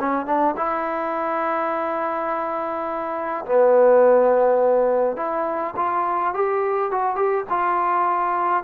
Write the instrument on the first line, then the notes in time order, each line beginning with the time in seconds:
trombone
0.00 C#4
0.26 D4
0.57 E4
3.46 B3
5.17 E4
5.77 F4
6.34 G4
6.92 F#4
7.16 G4
7.50 F4